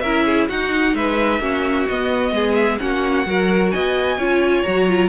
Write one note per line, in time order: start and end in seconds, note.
0.00 0.48 C#4
0.00 0.50 E4
0.00 0.25 A#4
0.00 0.46 E5
0.25 0.48 G#4
0.48 0.93 D#4
0.48 1.40 D#4
0.48 0.94 F#4
0.48 0.95 F#5
0.93 1.40 G#3
0.93 1.41 B4
0.93 1.87 E5
1.40 1.86 A#3
1.40 1.86 C#4
1.40 2.33 F#4
1.88 2.31 B3
1.88 2.79 B3
1.88 2.55 D#5
2.31 2.77 G#3
2.31 2.81 G#4
2.55 2.78 E5
2.79 3.26 A#3
2.79 3.25 C#4
2.79 3.28 F#4
2.79 3.71 F#5
3.26 3.72 F#3
3.26 4.18 F#4
3.26 3.73 A#4
3.71 4.17 B3
3.71 4.18 D#5
3.71 4.63 G#5
4.17 4.64 C#4
4.17 4.65 F4
4.17 5.09 C#5
4.63 5.09 F#3
4.63 4.87 F#4
4.63 5.09 A#5
4.87 5.09 F4